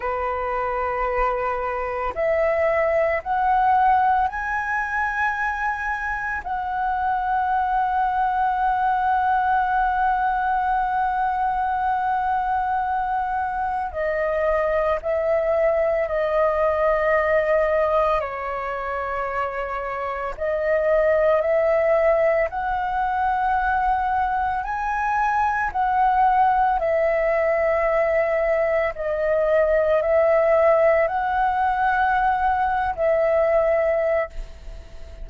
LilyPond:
\new Staff \with { instrumentName = "flute" } { \time 4/4 \tempo 4 = 56 b'2 e''4 fis''4 | gis''2 fis''2~ | fis''1~ | fis''4 dis''4 e''4 dis''4~ |
dis''4 cis''2 dis''4 | e''4 fis''2 gis''4 | fis''4 e''2 dis''4 | e''4 fis''4.~ fis''16 e''4~ e''16 | }